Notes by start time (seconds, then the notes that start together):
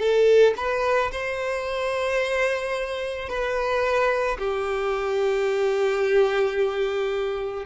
0.00 A4
0.57 B4
1.12 C5
3.29 B4
4.39 G4